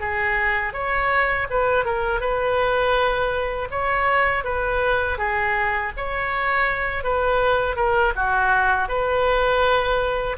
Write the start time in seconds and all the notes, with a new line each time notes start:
0.00 G#4
0.73 C#5
1.50 B4
1.85 A#4
2.20 B4
3.71 C#5
4.44 B4
5.18 G#4
5.97 C#5
7.04 B4
7.76 A#4
8.15 F#4
8.88 B4